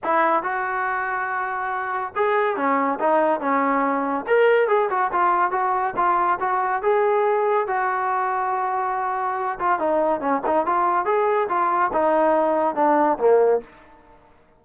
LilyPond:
\new Staff \with { instrumentName = "trombone" } { \time 4/4 \tempo 4 = 141 e'4 fis'2.~ | fis'4 gis'4 cis'4 dis'4 | cis'2 ais'4 gis'8 fis'8 | f'4 fis'4 f'4 fis'4 |
gis'2 fis'2~ | fis'2~ fis'8 f'8 dis'4 | cis'8 dis'8 f'4 gis'4 f'4 | dis'2 d'4 ais4 | }